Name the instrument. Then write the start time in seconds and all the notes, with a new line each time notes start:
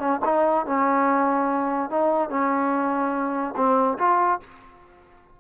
trombone
0.00 C#4
0.25 D#4
0.66 C#4
1.90 D#4
2.30 C#4
3.57 C4
3.99 F4